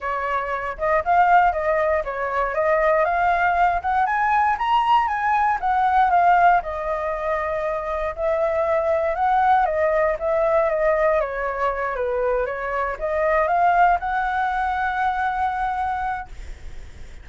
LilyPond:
\new Staff \with { instrumentName = "flute" } { \time 4/4 \tempo 4 = 118 cis''4. dis''8 f''4 dis''4 | cis''4 dis''4 f''4. fis''8 | gis''4 ais''4 gis''4 fis''4 | f''4 dis''2. |
e''2 fis''4 dis''4 | e''4 dis''4 cis''4. b'8~ | b'8 cis''4 dis''4 f''4 fis''8~ | fis''1 | }